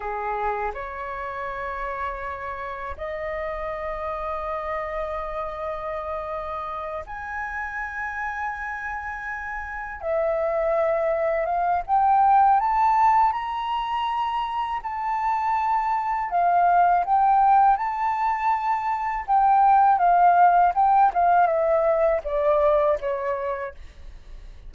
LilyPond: \new Staff \with { instrumentName = "flute" } { \time 4/4 \tempo 4 = 81 gis'4 cis''2. | dis''1~ | dis''4. gis''2~ gis''8~ | gis''4. e''2 f''8 |
g''4 a''4 ais''2 | a''2 f''4 g''4 | a''2 g''4 f''4 | g''8 f''8 e''4 d''4 cis''4 | }